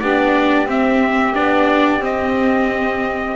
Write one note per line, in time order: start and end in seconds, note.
0.00 0.67 B3
0.00 0.66 D4
0.00 3.36 G4
0.00 0.67 D5
0.66 1.34 C4
0.66 1.35 E5
1.34 2.01 B3
1.34 2.00 D4
1.34 2.03 D5
2.00 3.35 C4
2.00 3.36 D#5